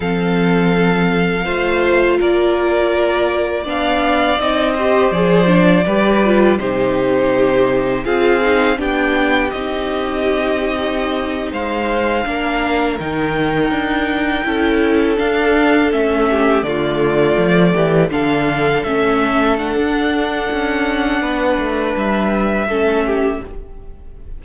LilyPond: <<
  \new Staff \with { instrumentName = "violin" } { \time 4/4 \tempo 4 = 82 f''2. d''4~ | d''4 f''4 dis''4 d''4~ | d''4 c''2 f''4 | g''4 dis''2~ dis''8. f''16~ |
f''4.~ f''16 g''2~ g''16~ | g''8. f''4 e''4 d''4~ d''16~ | d''8. f''4 e''4 fis''4~ fis''16~ | fis''2 e''2 | }
  \new Staff \with { instrumentName = "violin" } { \time 4/4 a'2 c''4 ais'4~ | ais'4 d''4. c''4. | b'4 g'2 gis'4 | g'2.~ g'8. c''16~ |
c''8. ais'2. a'16~ | a'2~ a'16 g'8 f'4~ f'16~ | f'16 g'8 a'2.~ a'16~ | a'4 b'2 a'8 g'8 | }
  \new Staff \with { instrumentName = "viola" } { \time 4/4 c'2 f'2~ | f'4 d'4 dis'8 g'8 gis'8 d'8 | g'8 f'8 dis'2 f'8 dis'8 | d'4 dis'2.~ |
dis'8. d'4 dis'2 e'16~ | e'8. d'4 cis'4 a4~ a16~ | a8. d'4 cis'4 d'4~ d'16~ | d'2. cis'4 | }
  \new Staff \with { instrumentName = "cello" } { \time 4/4 f2 a4 ais4~ | ais4 b4 c'4 f4 | g4 c2 c'4 | b4 c'2~ c'8. gis16~ |
gis8. ais4 dis4 d'4 cis'16~ | cis'8. d'4 a4 d4 f16~ | f16 e8 d4 a4~ a16 d'4 | cis'4 b8 a8 g4 a4 | }
>>